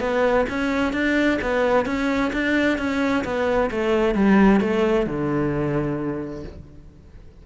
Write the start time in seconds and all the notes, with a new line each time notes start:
0.00 B3
0.49 C#4
0.93 D4
1.42 B3
1.86 C#4
2.33 D4
2.78 C#4
3.24 B3
3.71 A3
4.15 G3
4.61 A3
5.07 D3